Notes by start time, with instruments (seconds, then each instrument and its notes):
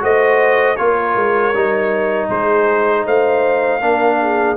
0.00 tuba A3, trombone F#4, horn C5, trumpet D#5
0.76 tuba A#3, trombone F4, trumpet C#5
0.82 horn A#4
1.16 tuba G#3
1.54 tuba G3, trombone D#4
2.30 tuba G#3, horn G#4, trumpet C5
3.05 tuba A3, horn C5, trumpet F5
3.81 tuba A#3, trombone D4, horn A#4
4.21 horn G#4